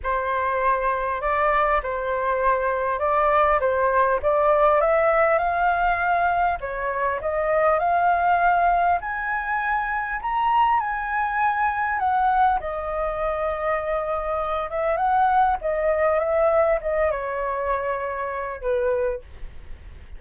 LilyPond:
\new Staff \with { instrumentName = "flute" } { \time 4/4 \tempo 4 = 100 c''2 d''4 c''4~ | c''4 d''4 c''4 d''4 | e''4 f''2 cis''4 | dis''4 f''2 gis''4~ |
gis''4 ais''4 gis''2 | fis''4 dis''2.~ | dis''8 e''8 fis''4 dis''4 e''4 | dis''8 cis''2~ cis''8 b'4 | }